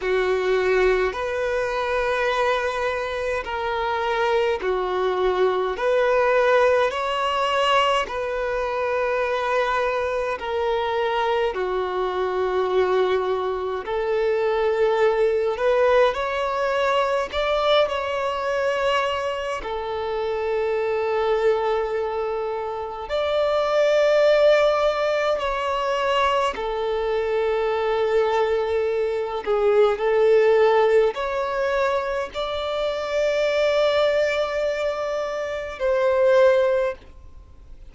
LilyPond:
\new Staff \with { instrumentName = "violin" } { \time 4/4 \tempo 4 = 52 fis'4 b'2 ais'4 | fis'4 b'4 cis''4 b'4~ | b'4 ais'4 fis'2 | a'4. b'8 cis''4 d''8 cis''8~ |
cis''4 a'2. | d''2 cis''4 a'4~ | a'4. gis'8 a'4 cis''4 | d''2. c''4 | }